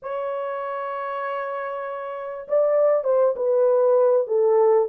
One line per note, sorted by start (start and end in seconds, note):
0.02 2.47 C#5
2.48 3.04 D5
3.04 3.34 C5
3.35 4.27 B4
4.27 4.88 A4